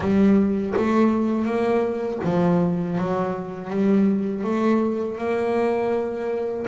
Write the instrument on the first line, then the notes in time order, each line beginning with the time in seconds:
double bass
0.00 G3
0.76 A3
1.45 A#3
2.24 F3
2.98 F#3
3.70 G3
4.44 A3
5.18 A#3